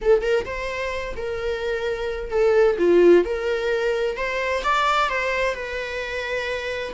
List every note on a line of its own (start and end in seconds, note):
0.01 0.21 A4
0.21 0.44 A#4
0.45 1.14 C5
1.16 2.30 A#4
2.30 2.76 A4
2.78 3.24 F4
3.24 4.16 A#4
4.16 4.63 C5
4.63 5.09 D5
5.09 5.54 C5
5.54 6.93 B4